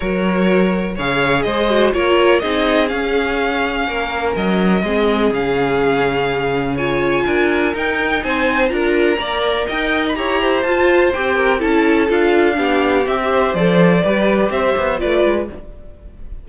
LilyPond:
<<
  \new Staff \with { instrumentName = "violin" } { \time 4/4 \tempo 4 = 124 cis''2 f''4 dis''4 | cis''4 dis''4 f''2~ | f''4 dis''2 f''4~ | f''2 gis''2 |
g''4 gis''4 ais''2 | g''8. b''16 ais''4 a''4 g''4 | a''4 f''2 e''4 | d''2 e''4 d''4 | }
  \new Staff \with { instrumentName = "violin" } { \time 4/4 ais'2 cis''4 c''4 | ais'4 gis'2. | ais'2 gis'2~ | gis'2 cis''4 ais'4~ |
ais'4 c''4 ais'4 d''4 | dis''4 cis''8 c''2 ais'8 | a'2 g'4. c''8~ | c''4 b'4 c''4 b'4 | }
  \new Staff \with { instrumentName = "viola" } { \time 4/4 fis'2 gis'4. fis'8 | f'4 dis'4 cis'2~ | cis'2 c'4 cis'4~ | cis'2 f'2 |
dis'2 f'4 ais'4~ | ais'4 g'4 f'4 g'4 | e'4 f'4 d'4 g'4 | a'4 g'2 f'4 | }
  \new Staff \with { instrumentName = "cello" } { \time 4/4 fis2 cis4 gis4 | ais4 c'4 cis'2 | ais4 fis4 gis4 cis4~ | cis2. d'4 |
dis'4 c'4 d'4 ais4 | dis'4 e'4 f'4 c'4 | cis'4 d'4 b4 c'4 | f4 g4 c'8 b8 a8 gis8 | }
>>